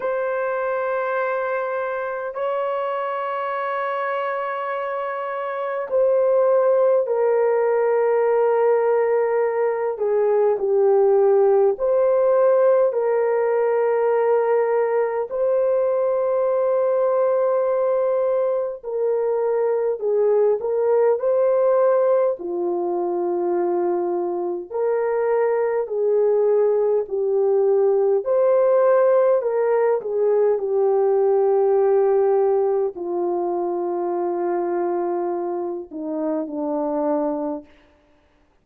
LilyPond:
\new Staff \with { instrumentName = "horn" } { \time 4/4 \tempo 4 = 51 c''2 cis''2~ | cis''4 c''4 ais'2~ | ais'8 gis'8 g'4 c''4 ais'4~ | ais'4 c''2. |
ais'4 gis'8 ais'8 c''4 f'4~ | f'4 ais'4 gis'4 g'4 | c''4 ais'8 gis'8 g'2 | f'2~ f'8 dis'8 d'4 | }